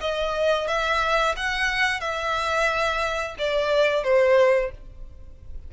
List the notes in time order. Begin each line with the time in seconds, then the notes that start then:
0.00 D#5
0.67 E5
1.36 F#5
2.00 E5
3.38 D5
4.03 C5